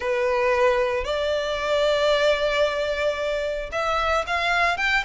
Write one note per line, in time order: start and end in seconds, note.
0.00 1.04 B4
1.04 3.70 D5
3.72 4.25 E5
4.26 4.77 F5
4.77 5.03 G5